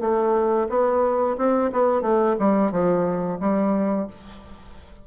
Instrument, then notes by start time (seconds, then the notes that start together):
bassoon
0.00 A3
0.69 B3
1.37 C4
1.72 B3
2.02 A3
2.39 G3
2.71 F3
3.40 G3